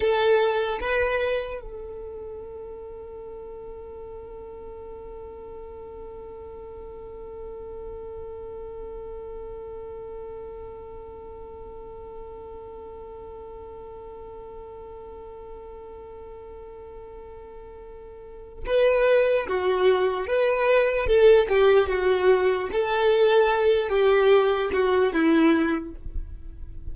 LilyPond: \new Staff \with { instrumentName = "violin" } { \time 4/4 \tempo 4 = 74 a'4 b'4 a'2~ | a'1~ | a'1~ | a'1~ |
a'1~ | a'2. b'4 | fis'4 b'4 a'8 g'8 fis'4 | a'4. g'4 fis'8 e'4 | }